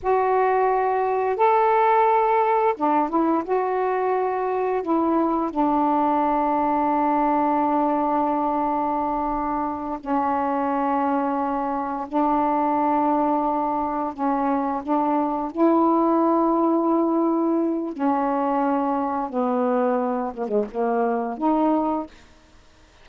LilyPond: \new Staff \with { instrumentName = "saxophone" } { \time 4/4 \tempo 4 = 87 fis'2 a'2 | d'8 e'8 fis'2 e'4 | d'1~ | d'2~ d'8 cis'4.~ |
cis'4. d'2~ d'8~ | d'8 cis'4 d'4 e'4.~ | e'2 cis'2 | b4. ais16 gis16 ais4 dis'4 | }